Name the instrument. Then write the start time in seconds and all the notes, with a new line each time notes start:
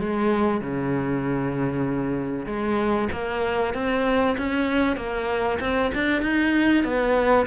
cello
0.00 G#3
0.61 C#3
2.46 G#3
3.12 A#3
3.74 C4
4.38 C#4
4.97 A#3
5.60 C4
5.95 D4
6.22 D#4
6.84 B3